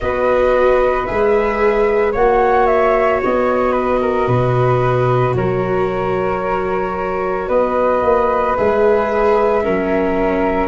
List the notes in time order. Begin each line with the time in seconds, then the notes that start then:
0.00 B3 F#4 B4 D#5
1.05 G#3 G#4 E5
2.12 A#3 F#4 C#5 F#5
2.66 E5
3.23 B3 D#5
3.71 B4
4.01 A#4
4.27 B2 B4
5.35 F#3 A#4 C#5
7.48 B3 B4 D#5
8.02 A#3
8.56 G#3 G#4 E5
9.63 F#3 C#4 A#4